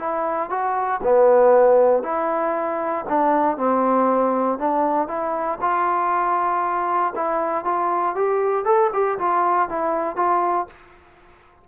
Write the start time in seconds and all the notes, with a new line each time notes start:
0.00 E4
0.50 F#4
1.04 B3
2.04 E4
3.09 D4
3.58 C4
4.59 D4
5.08 E4
5.61 F4
7.16 E4
7.65 F4
8.16 G4
8.66 A4
8.93 G4
9.19 F4
9.70 E4
10.17 F4